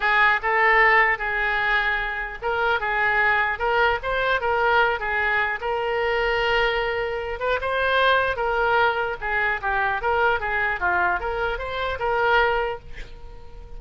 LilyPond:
\new Staff \with { instrumentName = "oboe" } { \time 4/4 \tempo 4 = 150 gis'4 a'2 gis'4~ | gis'2 ais'4 gis'4~ | gis'4 ais'4 c''4 ais'4~ | ais'8 gis'4. ais'2~ |
ais'2~ ais'8 b'8 c''4~ | c''4 ais'2 gis'4 | g'4 ais'4 gis'4 f'4 | ais'4 c''4 ais'2 | }